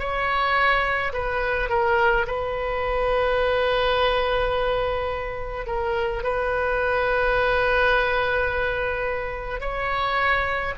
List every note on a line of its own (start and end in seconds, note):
0.00 1.13 C#5
1.13 1.70 B4
1.70 2.26 A#4
2.27 5.67 B4
5.67 6.24 A#4
6.24 9.61 B4
9.61 10.74 C#5